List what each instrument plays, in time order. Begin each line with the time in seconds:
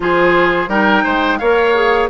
0.00 bassoon F3, clarinet F4, oboe G#4, flute C5
0.68 bassoon G3, clarinet D#4, oboe A#4, flute G5
1.03 bassoon G#3, oboe C5
1.38 bassoon A#3, clarinet A#4, oboe C#5, flute F5
1.74 clarinet G#4